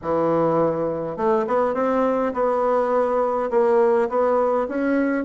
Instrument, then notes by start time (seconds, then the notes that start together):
bassoon
0.02 E3
1.16 A3
1.47 B3
1.74 C4
2.33 B3
3.50 A#3
4.09 B3
4.68 C#4